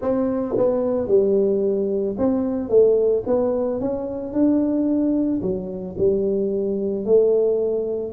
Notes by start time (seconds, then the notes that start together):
0.01 C4
0.57 B3
1.07 G3
2.18 C4
2.69 A3
3.26 B3
3.80 C#4
4.33 D4
5.42 F#3
5.98 G3
7.05 A3